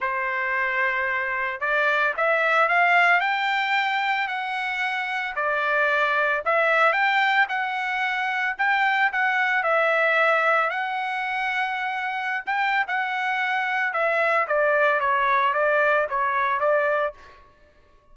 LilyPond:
\new Staff \with { instrumentName = "trumpet" } { \time 4/4 \tempo 4 = 112 c''2. d''4 | e''4 f''4 g''2 | fis''2 d''2 | e''4 g''4 fis''2 |
g''4 fis''4 e''2 | fis''2.~ fis''16 g''8. | fis''2 e''4 d''4 | cis''4 d''4 cis''4 d''4 | }